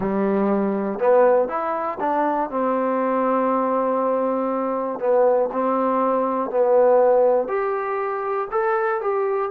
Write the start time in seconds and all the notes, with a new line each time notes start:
0.00 G3
0.99 B3
1.48 E4
2.00 D4
2.50 C4
4.99 B3
5.52 C4
6.50 B3
7.48 G4
8.51 A4
9.01 G4